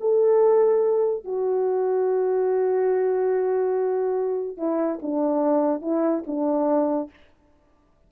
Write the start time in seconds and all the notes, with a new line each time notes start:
0.00 A4
1.24 F#4
4.57 E4
5.02 D4
5.81 E4
6.27 D4